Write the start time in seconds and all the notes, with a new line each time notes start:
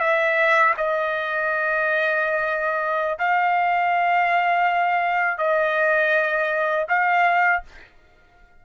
0.00 E5
0.77 D#5
3.19 F5
5.38 D#5
6.89 F5